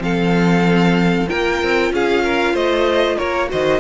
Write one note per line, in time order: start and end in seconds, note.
0.00 1.26 F3
0.00 1.27 C4
0.00 1.30 A4
0.00 1.29 F5
1.28 1.63 A#3
1.28 3.49 F4
1.28 1.93 A#4
1.28 1.92 G5
1.63 1.92 C4
1.92 2.54 C#4
1.92 2.24 G#4
1.92 2.56 F5
2.24 2.54 A#4
2.54 3.17 A3
2.54 3.17 C5
2.54 3.18 D#5
3.18 3.53 A#3
3.18 3.49 A#4
3.18 3.50 C#5
3.49 3.80 D#3
3.49 3.80 F#4
3.49 3.80 C5
3.49 3.80 D#5